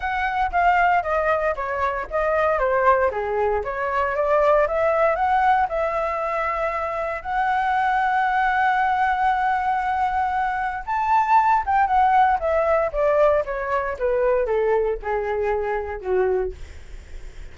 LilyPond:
\new Staff \with { instrumentName = "flute" } { \time 4/4 \tempo 4 = 116 fis''4 f''4 dis''4 cis''4 | dis''4 c''4 gis'4 cis''4 | d''4 e''4 fis''4 e''4~ | e''2 fis''2~ |
fis''1~ | fis''4 a''4. g''8 fis''4 | e''4 d''4 cis''4 b'4 | a'4 gis'2 fis'4 | }